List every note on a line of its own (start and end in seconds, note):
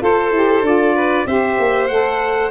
0.00 0.32 F4
0.00 0.31 A4
0.00 0.95 A4
0.00 0.66 C5
0.32 0.62 E4
0.32 0.64 G4
0.62 1.25 D4
0.62 1.27 F4
0.62 1.27 D5
0.95 1.27 B4
1.26 1.58 C4
1.26 1.89 G4
1.26 2.51 C5
1.26 1.88 E5
1.59 1.90 A#3
1.88 2.51 A3
1.88 2.51 A4
1.88 2.51 F#5